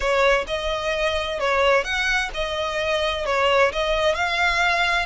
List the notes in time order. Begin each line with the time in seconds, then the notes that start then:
0.00 C#5
0.47 D#5
1.39 C#5
1.83 F#5
2.33 D#5
3.25 C#5
3.72 D#5
4.14 F5